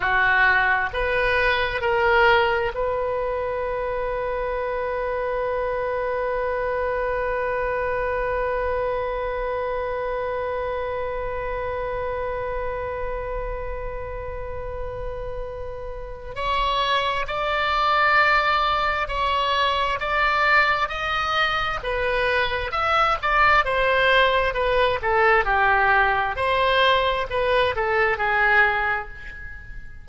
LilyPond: \new Staff \with { instrumentName = "oboe" } { \time 4/4 \tempo 4 = 66 fis'4 b'4 ais'4 b'4~ | b'1~ | b'1~ | b'1~ |
b'2 cis''4 d''4~ | d''4 cis''4 d''4 dis''4 | b'4 e''8 d''8 c''4 b'8 a'8 | g'4 c''4 b'8 a'8 gis'4 | }